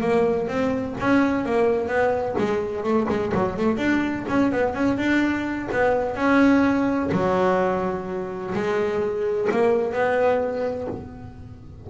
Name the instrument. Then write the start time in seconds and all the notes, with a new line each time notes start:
double bass
0.00 A#3
0.47 C4
1.00 C#4
1.45 A#3
1.87 B3
2.38 G#3
2.83 A3
3.09 G#3
3.34 F#3
3.56 A3
3.77 D4
4.28 C#4
4.51 B3
4.74 C#4
4.97 D4
5.71 B3
6.15 C#4
7.11 F#3
8.54 G#3
9.51 A#3
9.93 B3